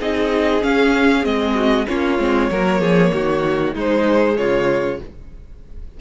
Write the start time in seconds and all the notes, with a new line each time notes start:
0.00 C4 D#4 G#4 D#5
0.61 C#4 F5
1.23 G#3 C4 D#5
1.55 F#4
1.88 A#3 C#4 F4 C#5
2.19 G#3 C4
2.51 F#3 A#3 A#4
2.81 F3 G#4
3.13 D#3 F#4
3.74 G#3 D#4 C5
4.37 C#3 F4 C#5